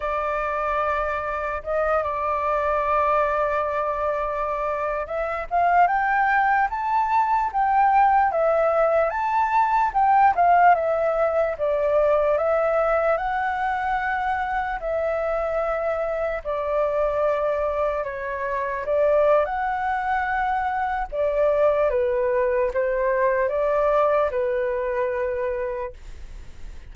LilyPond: \new Staff \with { instrumentName = "flute" } { \time 4/4 \tempo 4 = 74 d''2 dis''8 d''4.~ | d''2~ d''16 e''8 f''8 g''8.~ | g''16 a''4 g''4 e''4 a''8.~ | a''16 g''8 f''8 e''4 d''4 e''8.~ |
e''16 fis''2 e''4.~ e''16~ | e''16 d''2 cis''4 d''8. | fis''2 d''4 b'4 | c''4 d''4 b'2 | }